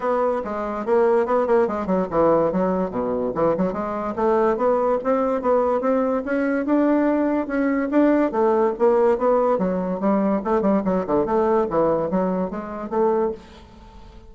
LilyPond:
\new Staff \with { instrumentName = "bassoon" } { \time 4/4 \tempo 4 = 144 b4 gis4 ais4 b8 ais8 | gis8 fis8 e4 fis4 b,4 | e8 fis8 gis4 a4 b4 | c'4 b4 c'4 cis'4 |
d'2 cis'4 d'4 | a4 ais4 b4 fis4 | g4 a8 g8 fis8 d8 a4 | e4 fis4 gis4 a4 | }